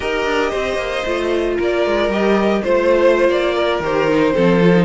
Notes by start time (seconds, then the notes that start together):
0.00 D#4 G4 A#4 D#5
0.25 D4
0.50 C4 C5
0.76 A#3
1.05 A3 F4
1.57 A#3 A#4 D5
1.86 G#3
2.08 G3 G4 D#5
2.62 A3 F4 C5
3.28 A#3 D5
3.54 A#4
3.79 D#3 G4 C5
4.08 D#4
4.33 F3 C4 A4
4.60 F4
4.74 D#4